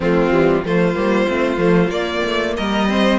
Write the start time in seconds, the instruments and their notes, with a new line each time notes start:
0.00 cello F3, viola A3, violin C4 F4
0.30 cello E3, viola G3
0.64 cello F3, viola A3, violin F4 C5
0.95 cello G3, viola A#3
1.27 cello A3, viola C4
1.57 cello F3, viola A3
1.88 cello A#3, viola A#3, violin D5
2.25 cello A3
2.56 cello G3, violin A#4 D#5
2.88 viola C4, violin C5